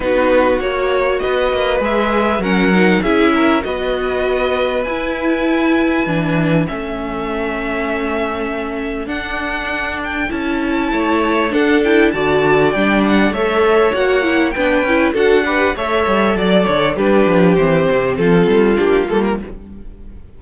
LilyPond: <<
  \new Staff \with { instrumentName = "violin" } { \time 4/4 \tempo 4 = 99 b'4 cis''4 dis''4 e''4 | fis''4 e''4 dis''2 | gis''2. e''4~ | e''2. fis''4~ |
fis''8 g''8 a''2 fis''8 g''8 | a''4 g''8 fis''8 e''4 fis''4 | g''4 fis''4 e''4 d''8 cis''8 | b'4 c''4 a'4 g'8 a'16 ais'16 | }
  \new Staff \with { instrumentName = "violin" } { \time 4/4 fis'2 b'2 | ais'4 gis'8 ais'8 b'2~ | b'2. a'4~ | a'1~ |
a'2 cis''4 a'4 | d''2 cis''2 | b'4 a'8 b'8 cis''4 d''4 | g'2 f'2 | }
  \new Staff \with { instrumentName = "viola" } { \time 4/4 dis'4 fis'2 gis'4 | cis'8 dis'8 e'4 fis'2 | e'2 d'4 cis'4~ | cis'2. d'4~ |
d'4 e'2 d'8 e'8 | fis'4 d'4 a'4 fis'8 e'8 | d'8 e'8 fis'8 g'8 a'2 | d'4 c'2 d'8 ais8 | }
  \new Staff \with { instrumentName = "cello" } { \time 4/4 b4 ais4 b8 ais8 gis4 | fis4 cis'4 b2 | e'2 e4 a4~ | a2. d'4~ |
d'4 cis'4 a4 d'4 | d4 g4 a4 ais4 | b8 cis'8 d'4 a8 g8 fis8 d8 | g8 f8 e8 c8 f8 g8 ais8 g8 | }
>>